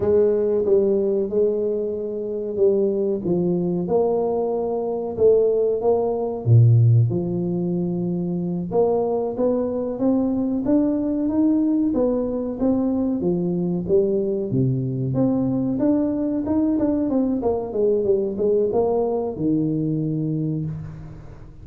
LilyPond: \new Staff \with { instrumentName = "tuba" } { \time 4/4 \tempo 4 = 93 gis4 g4 gis2 | g4 f4 ais2 | a4 ais4 ais,4 f4~ | f4. ais4 b4 c'8~ |
c'8 d'4 dis'4 b4 c'8~ | c'8 f4 g4 c4 c'8~ | c'8 d'4 dis'8 d'8 c'8 ais8 gis8 | g8 gis8 ais4 dis2 | }